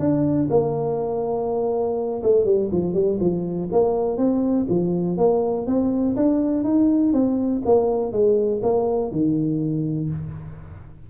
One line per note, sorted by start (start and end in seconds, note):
0.00 0.49 D4
0.51 2.23 A#3
2.23 2.45 A3
2.45 2.70 G3
2.72 2.94 F3
2.94 3.19 G3
3.20 3.70 F3
3.72 4.18 A#3
4.18 4.67 C4
4.69 5.18 F3
5.18 5.67 A#3
5.67 6.16 C4
6.17 6.64 D4
6.64 7.13 D#4
7.14 7.63 C4
7.66 8.13 A#3
8.13 8.62 G#3
8.63 9.12 A#3
9.12 10.10 D#3